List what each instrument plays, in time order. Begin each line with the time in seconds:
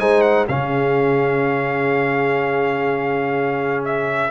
0.00 tuba G#3, trombone D#4, horn C5, trumpet G#5
0.22 trumpet F#5
0.49 tuba C#3, trombone C#4, horn G#4, trumpet F5
3.85 trumpet E5